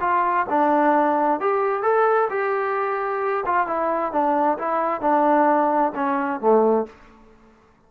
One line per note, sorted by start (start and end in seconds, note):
0.00 0.46 F4
0.49 1.40 D4
1.40 1.82 G4
1.82 2.28 A4
2.30 3.44 G4
3.45 3.67 F4
3.67 4.12 E4
4.12 4.58 D4
4.58 5.01 E4
5.01 5.93 D4
5.95 6.40 C#4
6.40 6.86 A3